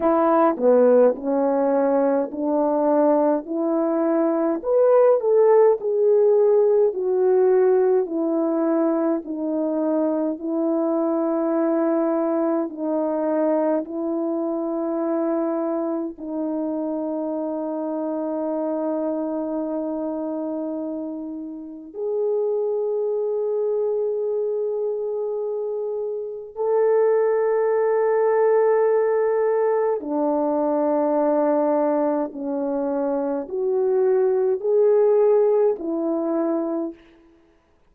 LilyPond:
\new Staff \with { instrumentName = "horn" } { \time 4/4 \tempo 4 = 52 e'8 b8 cis'4 d'4 e'4 | b'8 a'8 gis'4 fis'4 e'4 | dis'4 e'2 dis'4 | e'2 dis'2~ |
dis'2. gis'4~ | gis'2. a'4~ | a'2 d'2 | cis'4 fis'4 gis'4 e'4 | }